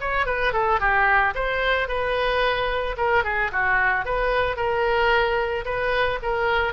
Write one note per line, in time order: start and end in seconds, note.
0.00 0.26 C#5
0.26 0.52 B4
0.52 0.79 A4
0.79 1.33 G4
1.35 1.88 C5
1.88 2.96 B4
2.97 3.24 A#4
3.24 3.51 G#4
3.52 4.05 F#4
4.05 4.56 B4
4.56 5.64 A#4
5.65 6.19 B4
6.22 6.73 A#4